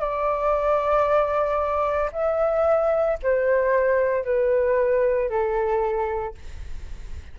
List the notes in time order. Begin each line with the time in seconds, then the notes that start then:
0.00 D5
2.12 E5
3.22 C5
4.24 B4
5.29 A4